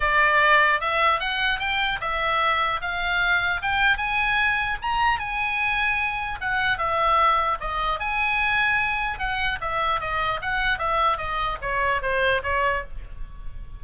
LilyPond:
\new Staff \with { instrumentName = "oboe" } { \time 4/4 \tempo 4 = 150 d''2 e''4 fis''4 | g''4 e''2 f''4~ | f''4 g''4 gis''2 | ais''4 gis''2. |
fis''4 e''2 dis''4 | gis''2. fis''4 | e''4 dis''4 fis''4 e''4 | dis''4 cis''4 c''4 cis''4 | }